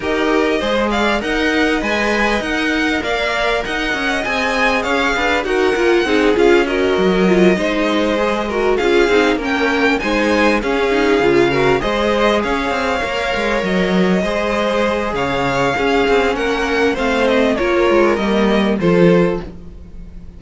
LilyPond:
<<
  \new Staff \with { instrumentName = "violin" } { \time 4/4 \tempo 4 = 99 dis''4. f''8 fis''4 gis''4 | fis''4 f''4 fis''4 gis''4 | f''4 fis''4. f''8 dis''4~ | dis''2~ dis''8 f''4 g''8~ |
g''8 gis''4 f''2 dis''8~ | dis''8 f''2 dis''4.~ | dis''4 f''2 fis''4 | f''8 dis''8 cis''4 dis''4 c''4 | }
  \new Staff \with { instrumentName = "violin" } { \time 4/4 ais'4 c''8 d''8 dis''2~ | dis''4 d''4 dis''2 | cis''8 b'8 ais'4 gis'4 ais'4~ | ais'8 c''4. ais'8 gis'4 ais'8~ |
ais'8 c''4 gis'4. ais'8 c''8~ | c''8 cis''2. c''8~ | c''4 cis''4 gis'4 ais'4 | c''4 ais'2 a'4 | }
  \new Staff \with { instrumentName = "viola" } { \time 4/4 g'4 gis'4 ais'4 b'4 | ais'2. gis'4~ | gis'4 fis'8 f'8 dis'8 f'8 fis'4 | f'8 dis'4 gis'8 fis'8 f'8 dis'8 cis'8~ |
cis'8 dis'4 cis'8 dis'8 f'8 fis'8 gis'8~ | gis'4. ais'2 gis'8~ | gis'2 cis'2 | c'4 f'4 ais4 f'4 | }
  \new Staff \with { instrumentName = "cello" } { \time 4/4 dis'4 gis4 dis'4 gis4 | dis'4 ais4 dis'8 cis'8 c'4 | cis'8 d'8 dis'8 ais8 c'8 cis'4 fis8~ | fis8 gis2 cis'8 c'8 ais8~ |
ais8 gis4 cis'4 cis4 gis8~ | gis8 cis'8 c'8 ais8 gis8 fis4 gis8~ | gis4 cis4 cis'8 c'8 ais4 | a4 ais8 gis8 g4 f4 | }
>>